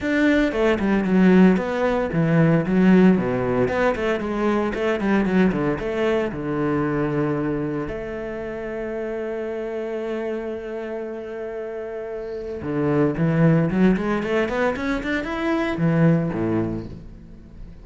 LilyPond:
\new Staff \with { instrumentName = "cello" } { \time 4/4 \tempo 4 = 114 d'4 a8 g8 fis4 b4 | e4 fis4 b,4 b8 a8 | gis4 a8 g8 fis8 d8 a4 | d2. a4~ |
a1~ | a1 | d4 e4 fis8 gis8 a8 b8 | cis'8 d'8 e'4 e4 a,4 | }